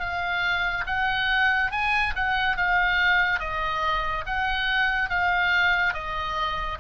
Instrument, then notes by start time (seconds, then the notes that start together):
oboe
0.00 F5
0.87 F#5
1.71 G#5
2.16 F#5
2.57 F5
3.40 D#5
4.26 F#5
5.10 F5
5.94 D#5